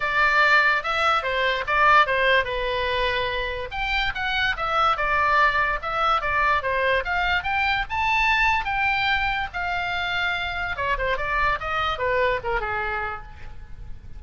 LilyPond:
\new Staff \with { instrumentName = "oboe" } { \time 4/4 \tempo 4 = 145 d''2 e''4 c''4 | d''4 c''4 b'2~ | b'4 g''4 fis''4 e''4 | d''2 e''4 d''4 |
c''4 f''4 g''4 a''4~ | a''4 g''2 f''4~ | f''2 cis''8 c''8 d''4 | dis''4 b'4 ais'8 gis'4. | }